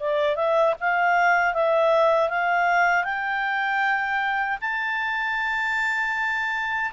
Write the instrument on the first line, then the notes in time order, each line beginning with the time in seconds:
clarinet
0.00 D5
0.36 E5
0.80 F5
1.54 E5
2.29 F5
3.04 G5
4.61 A5